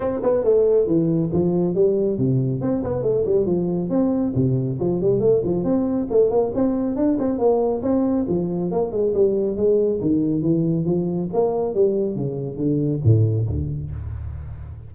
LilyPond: \new Staff \with { instrumentName = "tuba" } { \time 4/4 \tempo 4 = 138 c'8 b8 a4 e4 f4 | g4 c4 c'8 b8 a8 g8 | f4 c'4 c4 f8 g8 | a8 f8 c'4 a8 ais8 c'4 |
d'8 c'8 ais4 c'4 f4 | ais8 gis8 g4 gis4 dis4 | e4 f4 ais4 g4 | cis4 d4 a,4 d,4 | }